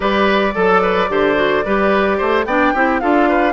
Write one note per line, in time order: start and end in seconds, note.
0.00 0.54 G3
0.00 0.53 G4
0.00 0.54 B4
0.00 2.45 D5
0.54 1.09 F#3
0.54 0.81 A4
0.54 1.09 A4
0.82 1.09 B4
1.09 1.63 D3
1.09 1.35 G4
1.09 1.65 C5
1.35 1.62 F#4
1.65 2.19 G3
1.65 2.47 G4
1.65 2.17 B4
2.17 2.45 A3
2.17 2.45 C5
2.45 2.72 B3
2.45 2.75 D4
2.45 2.73 D5
2.45 2.99 G5
2.73 3.02 C4
2.73 3.01 E4
2.73 3.00 G4
3.00 3.53 D4
3.00 3.53 F4
3.00 3.28 A4
3.00 3.53 F5
3.28 3.53 B4